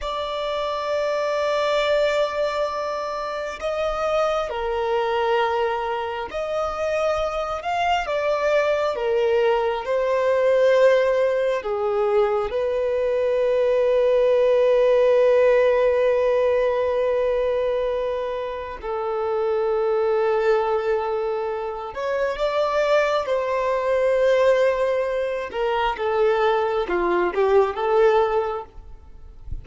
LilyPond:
\new Staff \with { instrumentName = "violin" } { \time 4/4 \tempo 4 = 67 d''1 | dis''4 ais'2 dis''4~ | dis''8 f''8 d''4 ais'4 c''4~ | c''4 gis'4 b'2~ |
b'1~ | b'4 a'2.~ | a'8 cis''8 d''4 c''2~ | c''8 ais'8 a'4 f'8 g'8 a'4 | }